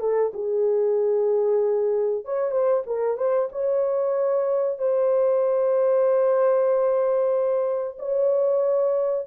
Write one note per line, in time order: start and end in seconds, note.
0.00 0.32 A4
0.34 2.25 G#4
2.25 2.51 C#5
2.51 2.83 C5
2.86 3.17 A#4
3.17 3.49 C5
3.52 4.78 C#5
4.78 7.97 C5
7.98 9.26 C#5